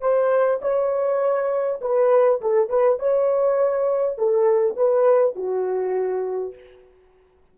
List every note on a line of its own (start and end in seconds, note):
0.00 0.59 C5
0.61 1.80 C#5
1.81 2.41 B4
2.41 2.69 A4
2.69 2.99 B4
2.99 4.17 C#5
4.18 4.76 A4
4.76 5.35 B4
5.35 6.54 F#4